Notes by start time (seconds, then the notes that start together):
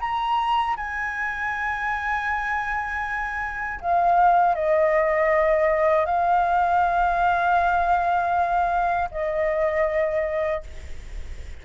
0.00 A#5
0.76 G#5
3.81 F5
4.55 D#5
6.06 F5
9.11 D#5